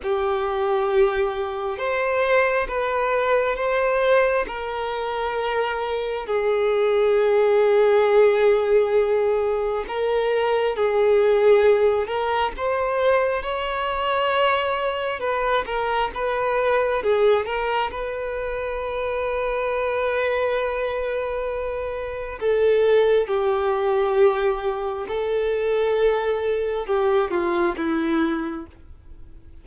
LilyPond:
\new Staff \with { instrumentName = "violin" } { \time 4/4 \tempo 4 = 67 g'2 c''4 b'4 | c''4 ais'2 gis'4~ | gis'2. ais'4 | gis'4. ais'8 c''4 cis''4~ |
cis''4 b'8 ais'8 b'4 gis'8 ais'8 | b'1~ | b'4 a'4 g'2 | a'2 g'8 f'8 e'4 | }